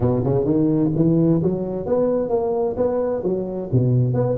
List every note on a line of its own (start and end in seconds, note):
0.00 0.23 B2
0.24 0.44 C#3
0.44 0.90 D#3
0.95 1.42 E3
1.42 1.85 F#3
1.85 2.29 B3
2.29 2.75 A#3
2.76 3.22 B3
3.23 3.69 F#3
3.72 4.13 B2
4.13 4.37 B3